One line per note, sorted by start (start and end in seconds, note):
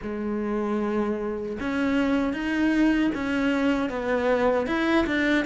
0.02 1.58 G#3
1.60 2.33 C#4
2.33 3.11 D#4
3.14 3.89 C#4
3.89 4.66 B3
4.66 5.05 E4
5.06 5.45 D4